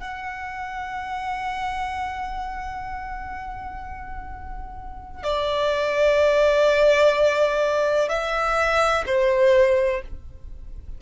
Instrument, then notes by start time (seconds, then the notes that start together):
violin
0.00 F#5
5.23 D5
8.09 E5
9.06 C5